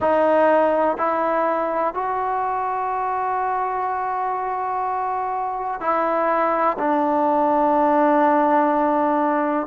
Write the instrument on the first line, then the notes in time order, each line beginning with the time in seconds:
trombone
0.00 D#4
0.97 E4
1.94 F#4
5.80 E4
6.78 D4